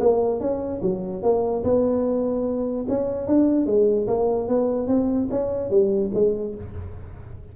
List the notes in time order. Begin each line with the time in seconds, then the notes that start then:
0.00 A#3
0.40 C#4
0.82 F#3
1.23 A#3
1.64 B3
2.89 C#4
3.27 D4
3.66 G#3
4.08 A#3
4.48 B3
4.88 C4
5.31 C#4
5.70 G3
6.14 G#3